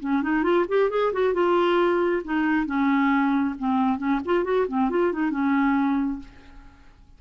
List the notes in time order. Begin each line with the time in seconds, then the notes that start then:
0.00 C#4
0.22 D#4
0.43 F4
0.68 G4
0.90 G#4
1.13 F#4
1.34 F4
2.24 D#4
2.66 C#4
3.59 C4
3.98 C#4
4.25 F4
4.44 F#4
4.68 C4
4.90 F4
5.13 D#4
5.30 C#4